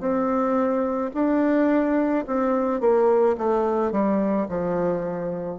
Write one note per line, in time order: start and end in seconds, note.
0.00 1.11 C4
1.14 2.25 D4
2.27 2.81 C4
2.81 3.36 A#3
3.38 3.92 A3
3.92 4.47 G3
4.49 5.59 F3